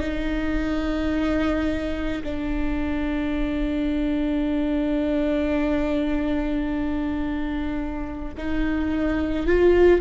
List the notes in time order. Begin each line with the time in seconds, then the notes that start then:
0.00 D#4
2.23 D4
8.37 D#4
9.46 F4